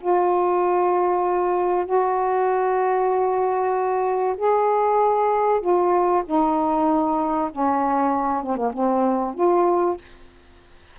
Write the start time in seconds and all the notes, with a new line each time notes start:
0.00 F4
1.85 F#4
4.37 G#4
5.61 F4
6.25 D#4
7.51 C#4
8.43 C4
8.56 A#3
8.73 C4
9.34 F4